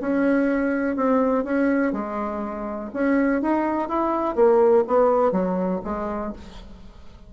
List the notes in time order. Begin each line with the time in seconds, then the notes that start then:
0.00 C#4
0.96 C4
1.44 C#4
1.92 G#3
2.93 C#4
3.41 D#4
3.88 E4
4.35 A#3
4.87 B3
5.31 F#3
5.84 G#3